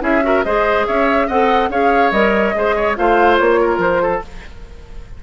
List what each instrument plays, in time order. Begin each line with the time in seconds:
0.00 bassoon C#4, clarinet E4, oboe G#4, flute E5
0.22 clarinet F#4, oboe A#4
0.43 bassoon G#3, clarinet G#4, oboe C5, flute D#5
0.86 bassoon C#4, oboe C#5, flute E5
1.27 bassoon C4, clarinet A4, oboe D#5, flute F#5
1.69 bassoon C#4, clarinet G#4, oboe C#5, flute F5
2.11 bassoon G3, clarinet A#4, flute D#5
2.54 bassoon G#3, clarinet G#4, oboe C5
2.75 oboe C#5
2.96 bassoon A3, clarinet F4, oboe C5, flute F5
3.37 bassoon A#3, flute C#5
3.60 oboe A#4
3.78 bassoon F3, flute C5
4.02 oboe A4